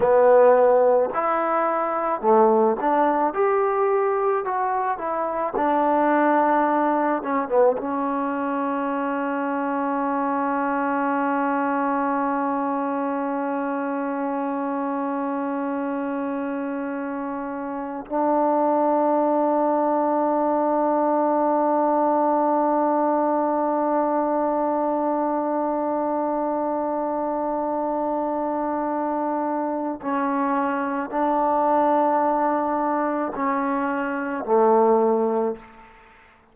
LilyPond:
\new Staff \with { instrumentName = "trombone" } { \time 4/4 \tempo 4 = 54 b4 e'4 a8 d'8 g'4 | fis'8 e'8 d'4. cis'16 b16 cis'4~ | cis'1~ | cis'1~ |
cis'16 d'2.~ d'8.~ | d'1~ | d'2. cis'4 | d'2 cis'4 a4 | }